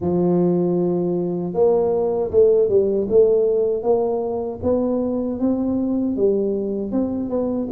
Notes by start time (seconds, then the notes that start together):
0.00 F3
1.53 A#3
2.30 A3
2.69 G3
3.09 A3
3.83 A#3
4.62 B3
5.39 C4
6.16 G3
6.91 C4
7.29 B3